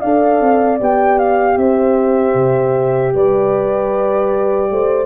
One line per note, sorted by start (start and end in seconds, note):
0.00 0.40 D4
0.00 0.79 A4
0.00 1.56 D5
0.00 0.78 F5
0.40 0.79 C4
0.79 1.56 B3
0.79 5.05 G4
0.79 1.19 G5
1.19 1.57 F5
1.56 2.34 C4
1.56 3.14 C5
1.56 3.13 E5
2.34 3.12 C3
3.14 4.70 G3
3.14 4.70 B4
3.14 5.05 D5
4.70 5.05 A3
4.70 5.05 C5